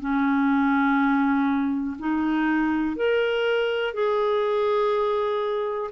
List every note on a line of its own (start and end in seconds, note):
0.00 1.97 C#4
1.99 2.96 D#4
2.96 3.93 A#4
3.93 5.90 G#4